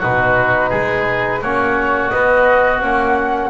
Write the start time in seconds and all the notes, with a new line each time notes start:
0.00 B2 D#4 F#4 B4
0.70 G#3 G#4
1.42 A#3 C#4 F#4 C#5
2.10 B3 D#5
2.82 A#3 C#4 F#5